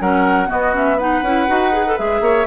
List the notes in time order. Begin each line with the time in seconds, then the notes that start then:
0.00 F#3 C#4 A#4 F#5
0.46 B3 F#4 D#5
0.72 C#4 E5
0.97 D#4 B4 F#5
1.22 C#4 E4
1.48 D#4 F#4
1.72 G#4
1.86 A4
1.97 G#3 G#4 E5
2.20 A#3 C#5